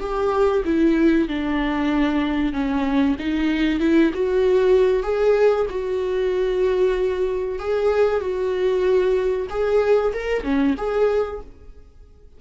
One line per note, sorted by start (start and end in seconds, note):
0.00 0.63 G4
0.65 1.28 E4
1.28 2.53 D4
2.53 3.16 C#4
3.19 3.80 D#4
3.80 4.11 E4
4.14 5.03 F#4
5.03 5.66 G#4
5.70 7.59 F#4
7.59 8.21 G#4
8.21 9.47 F#4
9.50 10.13 G#4
10.14 10.44 A#4
10.44 10.75 C#4
10.77 11.41 G#4